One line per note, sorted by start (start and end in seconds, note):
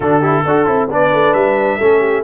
0.00 0.43 D3
0.00 0.22 D4
0.00 0.20 F#4
0.00 0.88 A4
0.20 0.44 E4
0.20 0.42 G4
0.45 0.67 D4
0.45 0.65 F#4
0.45 0.89 A4
0.65 0.89 C4
0.65 0.88 E4
0.89 1.11 B3
0.89 1.79 D4
0.89 1.77 B4
0.89 1.33 D5
1.12 1.34 A3
1.33 1.78 G3
1.33 2.23 E5
1.77 2.24 A3
1.77 2.24 C#4
1.77 1.99 A4
1.99 2.22 G4